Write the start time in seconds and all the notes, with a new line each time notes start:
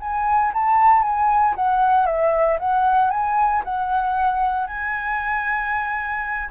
0.00 G#5
0.53 A5
1.02 G#5
1.56 F#5
2.06 E5
2.59 F#5
3.10 G#5
3.65 F#5
4.67 G#5